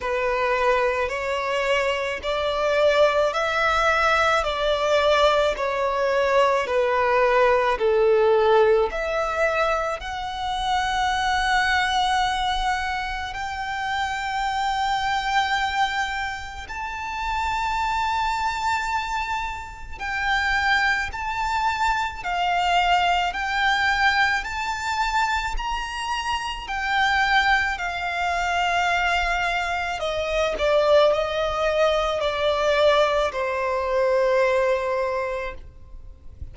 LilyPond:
\new Staff \with { instrumentName = "violin" } { \time 4/4 \tempo 4 = 54 b'4 cis''4 d''4 e''4 | d''4 cis''4 b'4 a'4 | e''4 fis''2. | g''2. a''4~ |
a''2 g''4 a''4 | f''4 g''4 a''4 ais''4 | g''4 f''2 dis''8 d''8 | dis''4 d''4 c''2 | }